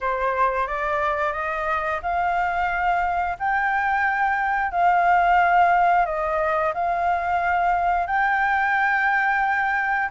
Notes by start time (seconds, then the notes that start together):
0.00 C5
0.67 D5
1.32 D#5
2.02 F5
3.39 G5
4.71 F5
6.05 D#5
6.74 F5
8.07 G5